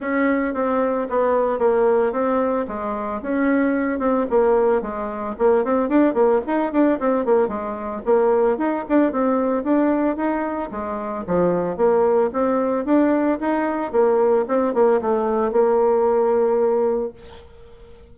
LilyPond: \new Staff \with { instrumentName = "bassoon" } { \time 4/4 \tempo 4 = 112 cis'4 c'4 b4 ais4 | c'4 gis4 cis'4. c'8 | ais4 gis4 ais8 c'8 d'8 ais8 | dis'8 d'8 c'8 ais8 gis4 ais4 |
dis'8 d'8 c'4 d'4 dis'4 | gis4 f4 ais4 c'4 | d'4 dis'4 ais4 c'8 ais8 | a4 ais2. | }